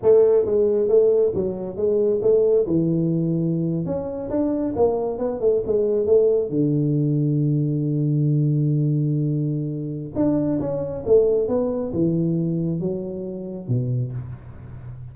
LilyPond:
\new Staff \with { instrumentName = "tuba" } { \time 4/4 \tempo 4 = 136 a4 gis4 a4 fis4 | gis4 a4 e2~ | e8. cis'4 d'4 ais4 b16~ | b16 a8 gis4 a4 d4~ d16~ |
d1~ | d2. d'4 | cis'4 a4 b4 e4~ | e4 fis2 b,4 | }